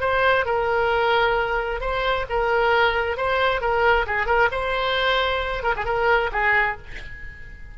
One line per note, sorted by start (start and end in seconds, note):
0.00 0.45 C5
0.45 1.80 A#4
1.80 2.25 C5
2.29 3.17 A#4
3.17 3.60 C5
3.60 4.06 A#4
4.06 4.26 G#4
4.26 4.48 A#4
4.51 5.63 C5
5.63 5.74 A#4
5.76 5.85 G#4
5.85 6.30 A#4
6.32 6.77 G#4